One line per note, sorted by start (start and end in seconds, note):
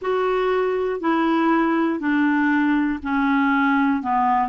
0.01 1.00 F#4
1.00 2.00 E4
2.00 3.00 D4
3.02 4.02 C#4
4.02 4.48 B3